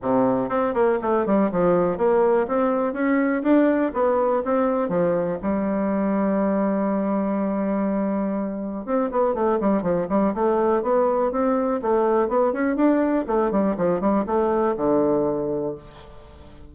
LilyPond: \new Staff \with { instrumentName = "bassoon" } { \time 4/4 \tempo 4 = 122 c4 c'8 ais8 a8 g8 f4 | ais4 c'4 cis'4 d'4 | b4 c'4 f4 g4~ | g1~ |
g2 c'8 b8 a8 g8 | f8 g8 a4 b4 c'4 | a4 b8 cis'8 d'4 a8 g8 | f8 g8 a4 d2 | }